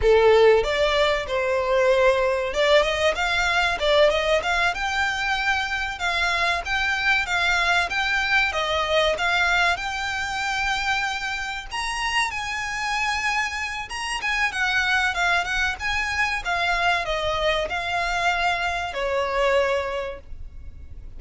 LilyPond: \new Staff \with { instrumentName = "violin" } { \time 4/4 \tempo 4 = 95 a'4 d''4 c''2 | d''8 dis''8 f''4 d''8 dis''8 f''8 g''8~ | g''4. f''4 g''4 f''8~ | f''8 g''4 dis''4 f''4 g''8~ |
g''2~ g''8 ais''4 gis''8~ | gis''2 ais''8 gis''8 fis''4 | f''8 fis''8 gis''4 f''4 dis''4 | f''2 cis''2 | }